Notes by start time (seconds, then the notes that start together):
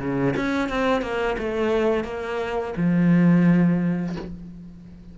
0.00 C#3
0.36 C#4
0.69 C4
1.02 A#3
1.39 A3
2.05 A#3
2.77 F3